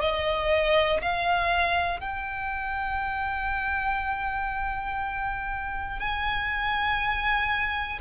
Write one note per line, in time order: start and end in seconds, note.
0.00 1.00 D#5
1.01 2.00 F5
2.00 5.99 G5
5.99 7.99 G#5